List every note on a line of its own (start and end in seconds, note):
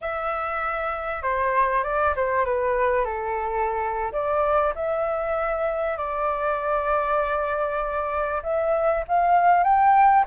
0.01 1.22 E5
1.22 1.83 C5
1.83 2.14 D5
2.16 2.45 C5
2.45 3.04 B4
3.04 4.12 A4
4.12 4.73 D5
4.75 5.97 E5
5.97 8.42 D5
8.43 9.04 E5
9.08 9.63 F5
9.63 10.25 G5